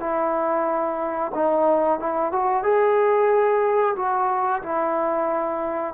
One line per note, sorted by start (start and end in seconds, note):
0.00 1.32 E4
1.34 1.99 D#4
1.99 2.32 E4
2.32 2.63 F#4
2.63 3.95 G#4
3.96 4.62 F#4
4.62 5.94 E4